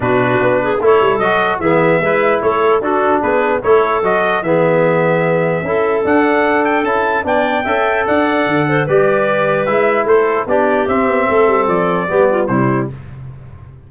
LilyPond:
<<
  \new Staff \with { instrumentName = "trumpet" } { \time 4/4 \tempo 4 = 149 b'2 cis''4 dis''4 | e''2 cis''4 a'4 | b'4 cis''4 dis''4 e''4~ | e''2. fis''4~ |
fis''8 g''8 a''4 g''2 | fis''2 d''2 | e''4 c''4 d''4 e''4~ | e''4 d''2 c''4 | }
  \new Staff \with { instrumentName = "clarinet" } { \time 4/4 fis'4. gis'8 a'2 | gis'4 b'4 a'4 fis'4 | gis'4 a'2 gis'4~ | gis'2 a'2~ |
a'2 d''4 e''4 | d''4. c''8 b'2~ | b'4 a'4 g'2 | a'2 g'8 f'8 e'4 | }
  \new Staff \with { instrumentName = "trombone" } { \time 4/4 d'2 e'4 fis'4 | b4 e'2 d'4~ | d'4 e'4 fis'4 b4~ | b2 e'4 d'4~ |
d'4 e'4 d'4 a'4~ | a'2 g'2 | e'2 d'4 c'4~ | c'2 b4 g4 | }
  \new Staff \with { instrumentName = "tuba" } { \time 4/4 b,4 b4 a8 g8 fis4 | e4 gis4 a4 d'4 | b4 a4 fis4 e4~ | e2 cis'4 d'4~ |
d'4 cis'4 b4 cis'4 | d'4 d4 g2 | gis4 a4 b4 c'8 b8 | a8 g8 f4 g4 c4 | }
>>